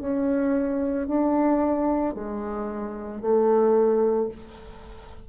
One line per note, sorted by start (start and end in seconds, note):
0.00 1.07 C#4
1.07 2.14 D4
2.14 3.21 G#3
3.21 4.28 A3